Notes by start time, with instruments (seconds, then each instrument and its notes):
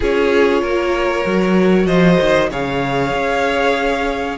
0.00 cello C#4, viola F4, violin G#4 C#5
0.61 cello A#3, violin A#4
1.25 cello F#3, viola F#4
1.86 cello F3, violin C5 D#5
2.20 cello D#3
2.50 cello C#3, viola G#4, violin C#5 F5
3.14 cello C#4